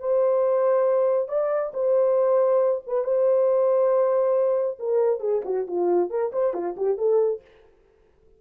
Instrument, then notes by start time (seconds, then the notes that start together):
horn
0.00 C5
1.29 D5
1.74 C5
2.87 B4
3.04 C5
4.79 A#4
5.21 G#4
5.45 F#4
5.68 F4
6.10 A#4
6.33 C5
6.54 F4
6.77 G4
6.98 A4